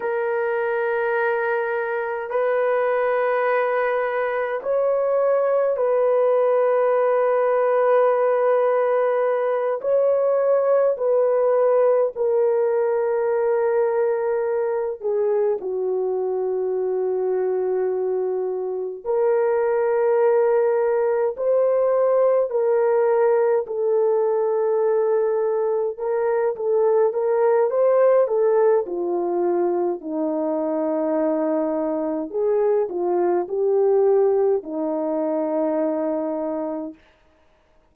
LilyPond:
\new Staff \with { instrumentName = "horn" } { \time 4/4 \tempo 4 = 52 ais'2 b'2 | cis''4 b'2.~ | b'8 cis''4 b'4 ais'4.~ | ais'4 gis'8 fis'2~ fis'8~ |
fis'8 ais'2 c''4 ais'8~ | ais'8 a'2 ais'8 a'8 ais'8 | c''8 a'8 f'4 dis'2 | gis'8 f'8 g'4 dis'2 | }